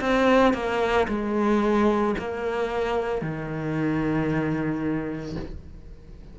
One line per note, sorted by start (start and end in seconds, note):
0.00 0.54 C4
0.54 1.07 A#3
1.08 2.15 G#3
2.18 3.21 A#3
3.21 5.36 D#3